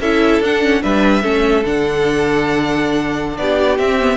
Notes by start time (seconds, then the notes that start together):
0.00 C#4 E4 A4 E5
0.40 D4 F#5
0.62 C#4
0.81 G3 D4 B4 E5
1.22 A3 C#4 A4
1.66 D3 D4 F#5
3.37 B3 G4 D5
3.78 C4 E5
4.01 B3